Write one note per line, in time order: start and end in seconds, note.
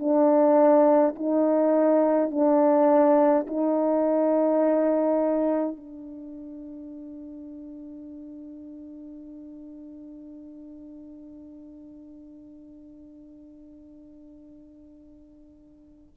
0.00 1.15 D4
1.15 2.31 D#4
2.31 3.46 D4
3.47 5.76 D#4
5.76 16.15 D4